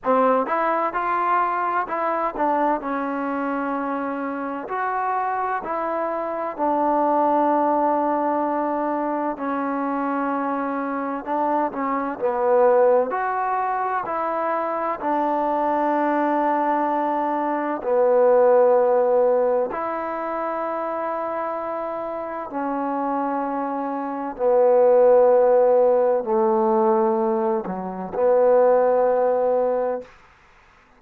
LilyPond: \new Staff \with { instrumentName = "trombone" } { \time 4/4 \tempo 4 = 64 c'8 e'8 f'4 e'8 d'8 cis'4~ | cis'4 fis'4 e'4 d'4~ | d'2 cis'2 | d'8 cis'8 b4 fis'4 e'4 |
d'2. b4~ | b4 e'2. | cis'2 b2 | a4. fis8 b2 | }